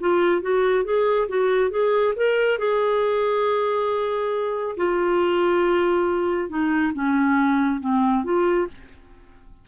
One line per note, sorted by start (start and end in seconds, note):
0.00 0.42 F4
0.42 0.84 F#4
0.84 1.28 G#4
1.28 1.70 F#4
1.70 2.14 G#4
2.16 2.58 A#4
2.58 4.76 G#4
4.77 6.49 F4
6.49 6.92 D#4
6.94 7.80 C#4
7.80 8.24 C4
8.24 8.67 F4